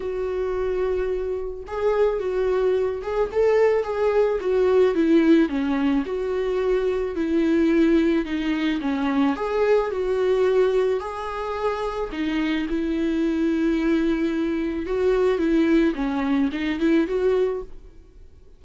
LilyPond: \new Staff \with { instrumentName = "viola" } { \time 4/4 \tempo 4 = 109 fis'2. gis'4 | fis'4. gis'8 a'4 gis'4 | fis'4 e'4 cis'4 fis'4~ | fis'4 e'2 dis'4 |
cis'4 gis'4 fis'2 | gis'2 dis'4 e'4~ | e'2. fis'4 | e'4 cis'4 dis'8 e'8 fis'4 | }